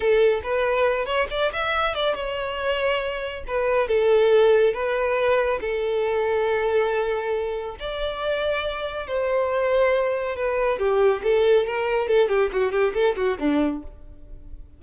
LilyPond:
\new Staff \with { instrumentName = "violin" } { \time 4/4 \tempo 4 = 139 a'4 b'4. cis''8 d''8 e''8~ | e''8 d''8 cis''2. | b'4 a'2 b'4~ | b'4 a'2.~ |
a'2 d''2~ | d''4 c''2. | b'4 g'4 a'4 ais'4 | a'8 g'8 fis'8 g'8 a'8 fis'8 d'4 | }